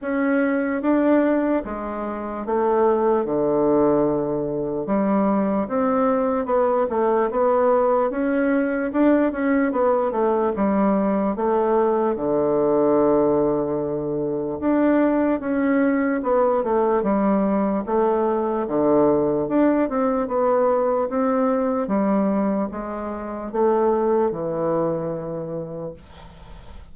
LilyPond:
\new Staff \with { instrumentName = "bassoon" } { \time 4/4 \tempo 4 = 74 cis'4 d'4 gis4 a4 | d2 g4 c'4 | b8 a8 b4 cis'4 d'8 cis'8 | b8 a8 g4 a4 d4~ |
d2 d'4 cis'4 | b8 a8 g4 a4 d4 | d'8 c'8 b4 c'4 g4 | gis4 a4 e2 | }